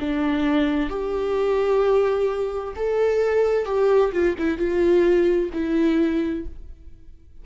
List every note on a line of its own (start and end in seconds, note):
0.00 0.89 D4
0.89 2.74 G4
2.76 3.65 A4
3.65 4.12 G4
4.12 4.36 F4
4.38 4.58 E4
4.58 5.50 F4
5.53 6.45 E4